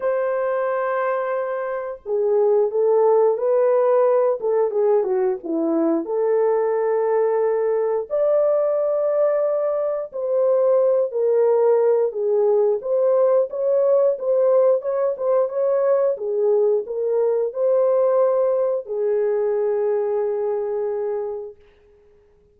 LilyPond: \new Staff \with { instrumentName = "horn" } { \time 4/4 \tempo 4 = 89 c''2. gis'4 | a'4 b'4. a'8 gis'8 fis'8 | e'4 a'2. | d''2. c''4~ |
c''8 ais'4. gis'4 c''4 | cis''4 c''4 cis''8 c''8 cis''4 | gis'4 ais'4 c''2 | gis'1 | }